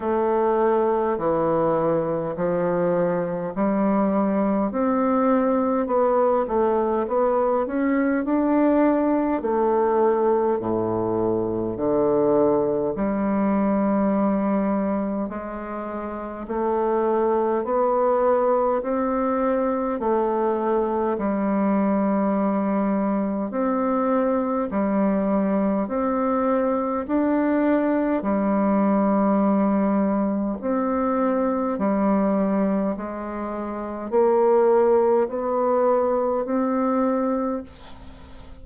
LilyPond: \new Staff \with { instrumentName = "bassoon" } { \time 4/4 \tempo 4 = 51 a4 e4 f4 g4 | c'4 b8 a8 b8 cis'8 d'4 | a4 a,4 d4 g4~ | g4 gis4 a4 b4 |
c'4 a4 g2 | c'4 g4 c'4 d'4 | g2 c'4 g4 | gis4 ais4 b4 c'4 | }